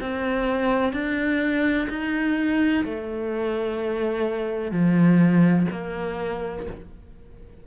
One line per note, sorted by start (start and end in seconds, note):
0.00 0.92 C4
0.92 1.87 D4
1.89 2.84 D#4
2.84 4.71 A3
4.71 5.66 F3
5.71 6.66 A#3